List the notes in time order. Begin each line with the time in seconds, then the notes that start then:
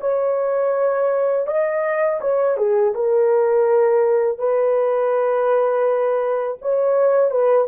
0.00 C#5
1.47 D#5
2.21 C#5
2.57 G#4
2.94 A#4
4.38 B4
6.61 C#5
7.31 B4